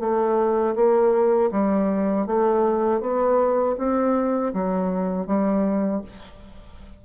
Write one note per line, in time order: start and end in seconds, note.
0.00 0.75 A3
0.75 1.50 A#3
1.51 2.26 G3
2.26 3.01 A3
3.01 3.76 B3
3.78 4.53 C4
4.53 5.27 F#3
5.27 6.02 G3